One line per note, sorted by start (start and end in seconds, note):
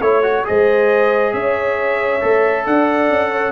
0.00 0.45 A3
0.00 0.24 E4
0.00 0.44 C#5
0.00 0.46 C#5
0.24 0.45 F#4
0.45 1.34 G#3
0.45 2.21 G#4
0.45 1.34 C5
0.45 1.34 D#5
1.34 2.22 C#4
1.34 2.67 C#5
1.34 2.66 E5
2.22 2.67 A3
2.22 3.52 A4
2.67 3.10 D4
2.67 3.31 D5
2.67 3.52 F#5
3.10 3.52 C#4
3.31 3.52 C#5